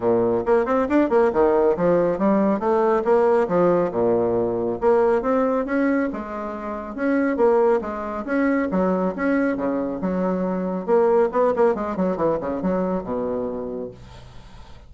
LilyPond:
\new Staff \with { instrumentName = "bassoon" } { \time 4/4 \tempo 4 = 138 ais,4 ais8 c'8 d'8 ais8 dis4 | f4 g4 a4 ais4 | f4 ais,2 ais4 | c'4 cis'4 gis2 |
cis'4 ais4 gis4 cis'4 | fis4 cis'4 cis4 fis4~ | fis4 ais4 b8 ais8 gis8 fis8 | e8 cis8 fis4 b,2 | }